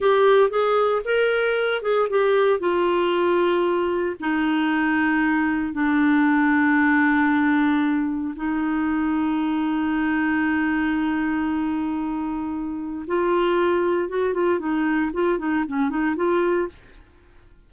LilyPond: \new Staff \with { instrumentName = "clarinet" } { \time 4/4 \tempo 4 = 115 g'4 gis'4 ais'4. gis'8 | g'4 f'2. | dis'2. d'4~ | d'1 |
dis'1~ | dis'1~ | dis'4 f'2 fis'8 f'8 | dis'4 f'8 dis'8 cis'8 dis'8 f'4 | }